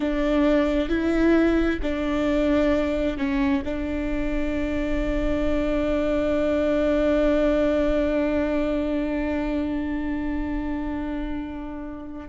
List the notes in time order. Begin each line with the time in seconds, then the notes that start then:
0.00 D4
0.88 E4
1.82 D4
3.17 C#4
3.64 D4